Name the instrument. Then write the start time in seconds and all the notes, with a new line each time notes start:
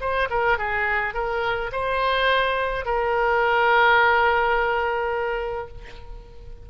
oboe
0.00 C5
0.30 A#4
0.58 G#4
1.14 A#4
1.72 C5
2.85 A#4